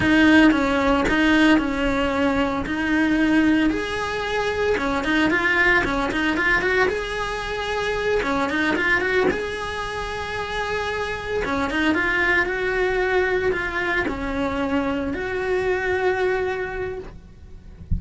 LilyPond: \new Staff \with { instrumentName = "cello" } { \time 4/4 \tempo 4 = 113 dis'4 cis'4 dis'4 cis'4~ | cis'4 dis'2 gis'4~ | gis'4 cis'8 dis'8 f'4 cis'8 dis'8 | f'8 fis'8 gis'2~ gis'8 cis'8 |
dis'8 f'8 fis'8 gis'2~ gis'8~ | gis'4. cis'8 dis'8 f'4 fis'8~ | fis'4. f'4 cis'4.~ | cis'8 fis'2.~ fis'8 | }